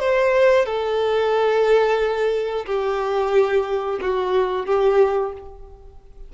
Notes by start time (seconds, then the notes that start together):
0.00 C5
0.66 A4
2.66 G4
4.02 F#4
4.66 G4